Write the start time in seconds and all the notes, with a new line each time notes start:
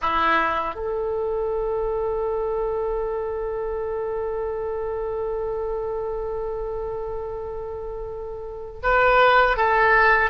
0.01 E4
0.74 A4
8.83 B4
9.57 A4